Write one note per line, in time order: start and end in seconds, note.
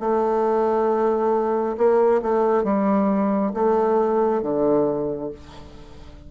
0.00 1.76 A3
1.77 2.21 A#3
2.22 2.64 A3
2.64 3.52 G3
3.54 4.42 A3
4.42 5.31 D3